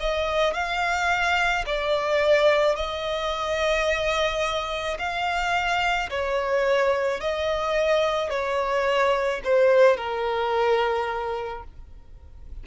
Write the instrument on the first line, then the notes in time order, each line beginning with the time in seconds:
violin
0.00 D#5
0.54 F5
1.66 D5
2.76 D#5
4.99 F5
6.10 C#5
7.20 D#5
8.30 C#5
9.44 C5
9.97 A#4